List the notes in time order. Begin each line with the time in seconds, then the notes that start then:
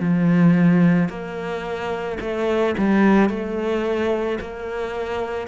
0.00 F3
1.09 A#3
2.21 A3
2.78 G3
3.30 A3
4.41 A#3